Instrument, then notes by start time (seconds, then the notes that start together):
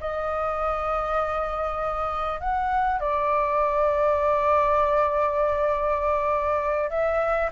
flute
0.00 D#5
2.40 F#5
3.00 D5
6.90 E5